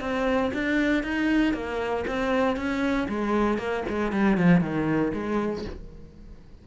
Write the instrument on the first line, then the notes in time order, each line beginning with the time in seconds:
cello
0.00 C4
0.53 D4
1.03 D#4
1.53 A#3
2.07 C4
2.56 C#4
3.08 G#3
3.58 A#3
3.88 G#3
4.11 G3
4.37 F3
4.60 D#3
5.13 G#3